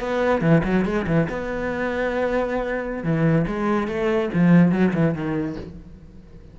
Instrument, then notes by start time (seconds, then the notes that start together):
cello
0.00 B3
0.41 E3
0.64 F#3
0.85 G#3
1.07 E3
1.29 B3
3.04 E3
3.47 G#3
3.88 A3
4.34 F3
4.72 F#3
4.94 E3
5.15 D#3